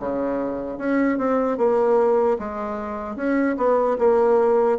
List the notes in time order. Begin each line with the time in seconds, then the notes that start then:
0.00 C#3
0.79 C#4
1.19 C4
1.58 A#3
2.39 G#3
3.17 C#4
3.58 B3
3.99 A#3